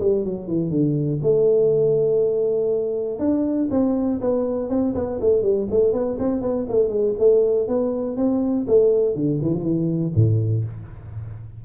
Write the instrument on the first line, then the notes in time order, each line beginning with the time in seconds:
tuba
0.00 G3
0.25 F#3
0.47 E3
0.70 D3
1.23 A3
3.19 D4
3.71 C4
4.21 B3
4.69 C4
4.95 B3
5.21 A3
5.42 G3
5.71 A3
5.93 B3
6.19 C4
6.41 B3
6.69 A3
6.89 G#3
7.19 A3
7.68 B3
8.17 C4
8.67 A3
9.15 D3
9.42 E3
9.54 F3
9.63 E3
10.15 A2